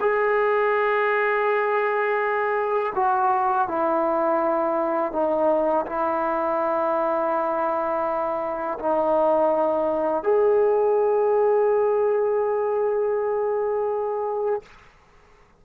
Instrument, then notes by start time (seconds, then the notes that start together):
trombone
0.00 G#4
2.95 F#4
3.68 E4
5.12 D#4
5.85 E4
8.79 D#4
10.23 G#4